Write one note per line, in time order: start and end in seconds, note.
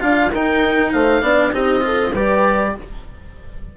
0.00 0.32 D4
0.00 0.30 F4
0.00 0.31 F5
0.00 0.32 F5
0.32 0.93 D#4
0.32 1.22 D#4
0.32 0.92 A#4
0.32 0.93 G5
0.93 1.22 A3
0.93 1.23 C5
0.93 1.53 F5
1.22 1.52 B3
1.22 1.52 D4
1.22 1.53 D5
1.53 2.14 C4
1.53 1.81 D#4
1.53 1.84 G4
1.53 2.15 D#5
1.81 2.11 F4
1.81 2.12 A4
2.12 2.75 G3
2.12 2.76 G4
2.12 2.73 B4
2.12 2.76 D5